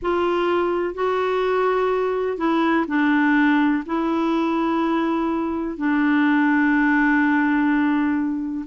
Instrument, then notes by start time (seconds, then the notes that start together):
clarinet
0.02 F4
0.94 F#4
2.37 E4
2.87 D4
3.85 E4
5.77 D4